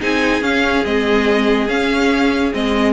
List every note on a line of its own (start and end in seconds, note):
0.00 0.42 C4
0.00 0.42 D#4
0.00 2.92 G#4
0.00 0.43 G#5
0.42 0.84 C#4
0.42 0.85 F5
0.85 1.68 G#3
0.85 1.68 C4
0.85 1.68 D#5
1.68 2.52 C#4
1.68 2.53 C#4
1.68 2.53 F5
2.53 2.92 G#3
2.53 2.92 C4
2.53 2.92 D#5